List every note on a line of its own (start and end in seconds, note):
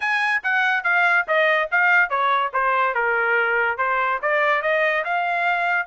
0.00 0.42 G#5
0.43 0.83 F#5
0.83 1.25 F5
1.27 1.69 D#5
1.71 2.09 F5
2.09 2.51 C#5
2.53 2.94 C5
2.94 3.77 A#4
3.77 4.19 C5
4.22 4.62 D5
4.62 5.03 D#5
5.04 5.86 F5